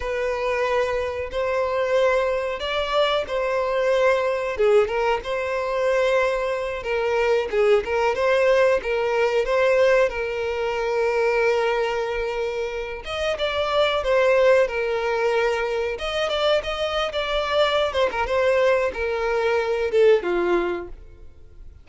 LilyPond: \new Staff \with { instrumentName = "violin" } { \time 4/4 \tempo 4 = 92 b'2 c''2 | d''4 c''2 gis'8 ais'8 | c''2~ c''8 ais'4 gis'8 | ais'8 c''4 ais'4 c''4 ais'8~ |
ais'1 | dis''8 d''4 c''4 ais'4.~ | ais'8 dis''8 d''8 dis''8. d''4~ d''16 c''16 ais'16 | c''4 ais'4. a'8 f'4 | }